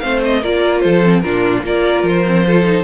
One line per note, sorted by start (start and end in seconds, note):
0.00 0.45 A3
0.00 0.42 C4
0.00 0.41 C5
0.00 0.20 F5
0.25 0.44 D#5
0.41 0.85 A#3
0.41 1.03 F4
0.41 0.82 A#4
0.41 0.80 D5
0.80 1.24 F3
0.80 1.24 A4
0.80 1.21 C5
1.03 1.23 C4
1.21 1.63 A#2
1.21 1.65 D4
1.21 1.65 F4
1.21 1.62 A#4
1.63 2.03 A#3
1.63 2.25 F4
1.63 2.47 A#4
1.63 2.07 D5
2.03 2.84 F3
2.03 2.85 C5
2.26 2.46 C4
2.46 2.65 F4
2.46 2.85 A4
2.65 2.85 D#4